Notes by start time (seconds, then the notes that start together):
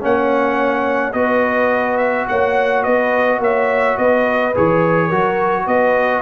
0.00 A#3 C#4 C#5 F#5
1.13 B3 F#4 B4 D#5
1.97 E5
2.28 A#3 C#5 F#5
2.83 B3 B4 D#5
3.39 A#3 C#5 E5
3.98 B3 B4 D#5
4.55 E3 G#4 C#5
5.07 F#3 F#4 A#4
5.67 B3 B4 D#5